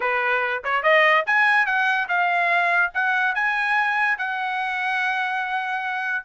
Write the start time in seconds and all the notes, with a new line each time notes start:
0.00 B4
0.63 C#5
0.82 D#5
1.26 G#5
1.66 F#5
2.08 F5
2.94 F#5
3.34 G#5
4.17 F#5